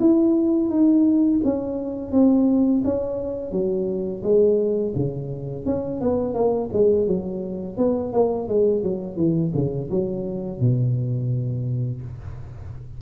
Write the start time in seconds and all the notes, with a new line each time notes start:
0.00 E4
0.70 D#4
1.44 C#4
2.12 C4
2.85 C#4
3.52 F#3
4.23 G#3
4.95 C#3
5.66 C#4
6.01 B3
6.34 A#3
6.73 G#3
7.07 F#3
7.77 B3
8.13 A#3
8.48 G#3
8.83 F#3
9.17 E3
9.54 C#3
9.90 F#3
10.60 B2